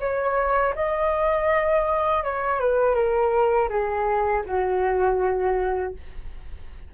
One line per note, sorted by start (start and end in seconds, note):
0.00 0.74 C#5
0.75 2.23 D#5
2.24 2.60 C#5
2.60 2.95 B4
2.95 3.69 A#4
3.69 4.43 G#4
4.46 5.94 F#4